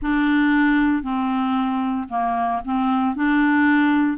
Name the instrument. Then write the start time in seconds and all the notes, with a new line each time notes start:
clarinet
0.01 D4
1.02 C4
2.09 A#3
2.64 C4
3.15 D4